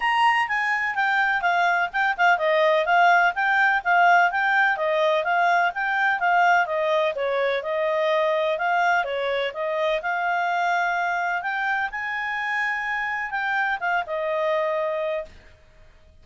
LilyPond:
\new Staff \with { instrumentName = "clarinet" } { \time 4/4 \tempo 4 = 126 ais''4 gis''4 g''4 f''4 | g''8 f''8 dis''4 f''4 g''4 | f''4 g''4 dis''4 f''4 | g''4 f''4 dis''4 cis''4 |
dis''2 f''4 cis''4 | dis''4 f''2. | g''4 gis''2. | g''4 f''8 dis''2~ dis''8 | }